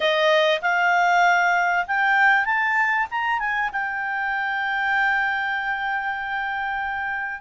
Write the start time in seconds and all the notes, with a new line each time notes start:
0.00 D#5
0.61 F5
1.87 G5
2.45 A5
3.10 A#5
3.39 G#5
3.72 G5